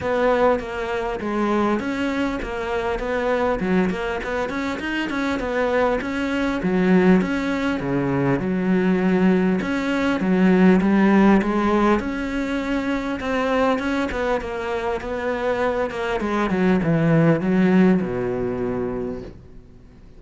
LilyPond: \new Staff \with { instrumentName = "cello" } { \time 4/4 \tempo 4 = 100 b4 ais4 gis4 cis'4 | ais4 b4 fis8 ais8 b8 cis'8 | dis'8 cis'8 b4 cis'4 fis4 | cis'4 cis4 fis2 |
cis'4 fis4 g4 gis4 | cis'2 c'4 cis'8 b8 | ais4 b4. ais8 gis8 fis8 | e4 fis4 b,2 | }